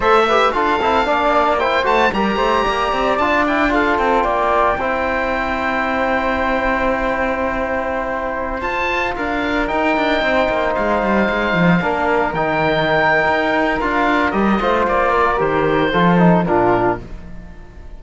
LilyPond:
<<
  \new Staff \with { instrumentName = "oboe" } { \time 4/4 \tempo 4 = 113 e''4 f''2 g''8 a''8 | ais''2 a''8 g''8 f''8 g''8~ | g''1~ | g''1~ |
g''16 a''4 f''4 g''4.~ g''16~ | g''16 f''2. g''8.~ | g''2 f''4 dis''4 | d''4 c''2 ais'4 | }
  \new Staff \with { instrumentName = "flute" } { \time 4/4 c''8 b'8 a'4 d''4 c''4 | ais'8 c''8 d''2 a'4 | d''4 c''2.~ | c''1~ |
c''4~ c''16 ais'2 c''8.~ | c''2~ c''16 ais'4.~ ais'16~ | ais'2.~ ais'8 c''8~ | c''8 ais'4. a'4 f'4 | }
  \new Staff \with { instrumentName = "trombone" } { \time 4/4 a'8 g'8 f'8 e'8 d'4 e'8 fis'8 | g'2 f'8 e'8 f'4~ | f'4 e'2.~ | e'1~ |
e'16 f'2 dis'4.~ dis'16~ | dis'2~ dis'16 d'4 dis'8.~ | dis'2 f'4 g'8 f'8~ | f'4 g'4 f'8 dis'8 d'4 | }
  \new Staff \with { instrumentName = "cello" } { \time 4/4 a4 d'8 c'8 ais4. a8 | g8 a8 ais8 c'8 d'4. c'8 | ais4 c'2.~ | c'1~ |
c'16 f'4 d'4 dis'8 d'8 c'8 ais16~ | ais16 gis8 g8 gis8 f8 ais4 dis8.~ | dis4 dis'4 d'4 g8 a8 | ais4 dis4 f4 ais,4 | }
>>